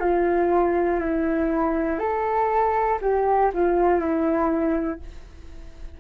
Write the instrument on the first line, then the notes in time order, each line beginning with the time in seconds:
flute
0.00 F4
1.00 E4
2.00 A4
3.02 G4
3.54 F4
4.00 E4